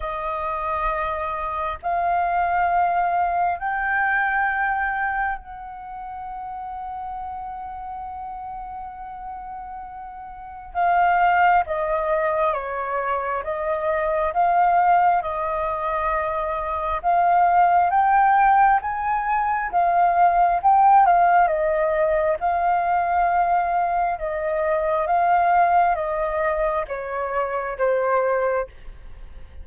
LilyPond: \new Staff \with { instrumentName = "flute" } { \time 4/4 \tempo 4 = 67 dis''2 f''2 | g''2 fis''2~ | fis''1 | f''4 dis''4 cis''4 dis''4 |
f''4 dis''2 f''4 | g''4 gis''4 f''4 g''8 f''8 | dis''4 f''2 dis''4 | f''4 dis''4 cis''4 c''4 | }